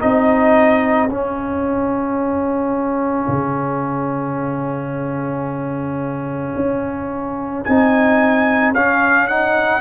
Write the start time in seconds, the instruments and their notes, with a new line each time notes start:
0.00 tuba C4, trombone D#4, horn G#4, trumpet D#5
1.09 tuba C#4, trombone C#4, trumpet F5
3.28 tuba C#3
6.56 tuba C#4
7.65 tuba C4, trombone D#4, trumpet G#5
8.72 tuba C#4, trombone C#4, trumpet F5
9.28 trombone D#4, trumpet F#5